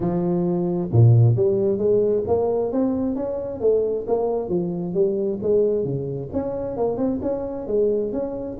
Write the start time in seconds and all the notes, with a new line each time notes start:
0.00 F3
0.92 A#2
1.35 G3
1.78 G#3
2.27 A#3
2.72 C4
3.15 C#4
3.60 A3
4.07 A#3
4.48 F3
4.94 G3
5.42 G#3
5.84 C#3
6.32 C#4
6.77 A#3
6.97 C4
7.22 C#4
7.67 G#3
8.12 C#4